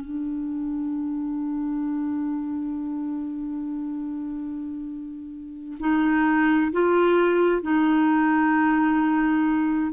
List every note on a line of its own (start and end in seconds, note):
0.00 5.77 D4
5.79 6.71 D#4
6.72 7.62 F4
7.62 9.92 D#4